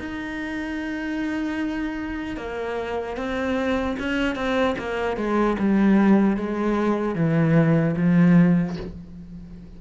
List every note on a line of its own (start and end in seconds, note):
0.00 2.37 D#4
2.37 3.17 A#3
3.17 3.97 C4
4.00 4.36 C#4
4.36 4.76 C4
4.79 5.17 A#3
5.17 5.57 G#3
5.59 6.37 G3
6.37 7.16 G#3
7.16 7.96 E3
7.97 8.77 F3